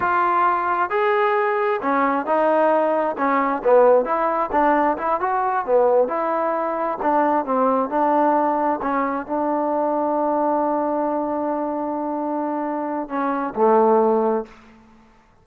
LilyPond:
\new Staff \with { instrumentName = "trombone" } { \time 4/4 \tempo 4 = 133 f'2 gis'2 | cis'4 dis'2 cis'4 | b4 e'4 d'4 e'8 fis'8~ | fis'8 b4 e'2 d'8~ |
d'8 c'4 d'2 cis'8~ | cis'8 d'2.~ d'8~ | d'1~ | d'4 cis'4 a2 | }